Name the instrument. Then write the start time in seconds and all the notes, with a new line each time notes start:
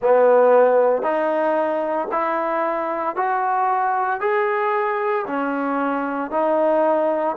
trombone
0.01 B3
1.02 D#4
2.11 E4
3.16 F#4
4.20 G#4
5.26 C#4
6.31 D#4